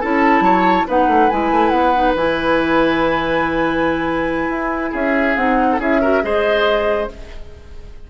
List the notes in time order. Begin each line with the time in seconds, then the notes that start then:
0.00 C#4 E4 A4 A5
0.40 F#3 C#5
0.87 B3 D#4 B4 F#5
1.07 A3
1.29 G#3 E4 G#5
1.51 A3
1.69 B3 F#5
1.94 D#4
2.15 E3 E4 G#5
4.48 E4
4.91 C#4 G#4 E5
5.36 C4 D#4 F#5
5.72 A4
5.78 C#4 E4 G#4 E5
6.01 F#4 A#4
6.22 G#3 G#4 C5 D#5